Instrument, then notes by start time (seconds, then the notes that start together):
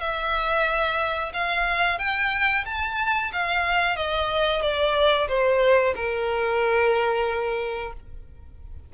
violin
0.00 E5
1.33 F5
1.98 G5
2.65 A5
3.32 F5
3.96 D#5
4.62 D5
5.28 C5
5.95 A#4